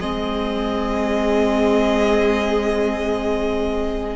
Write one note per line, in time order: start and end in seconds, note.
0.00 4.16 G#3
0.00 4.16 C4
0.00 4.16 G#4
0.00 4.16 D#5